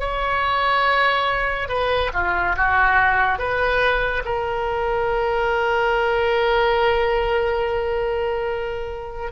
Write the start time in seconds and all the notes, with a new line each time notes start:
0.00 C#5
1.69 B4
2.14 F4
2.57 F#4
3.39 B4
4.25 A#4